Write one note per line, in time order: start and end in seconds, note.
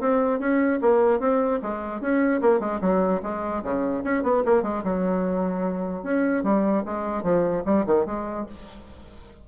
0.00 0.39 C4
0.39 0.80 C#4
0.81 1.20 A#3
1.20 1.60 C4
1.62 2.01 G#3
2.01 2.41 C#4
2.41 2.60 A#3
2.60 2.80 G#3
2.81 3.21 F#3
3.22 3.63 G#3
3.63 4.03 C#3
4.04 4.23 C#4
4.23 4.43 B3
4.45 4.63 A#3
4.63 4.83 G#3
4.84 6.03 F#3
6.03 6.43 C#4
6.43 6.83 G3
6.85 7.23 G#3
7.23 7.63 F3
7.65 7.85 G3
7.86 8.06 D#3
8.06 8.46 G#3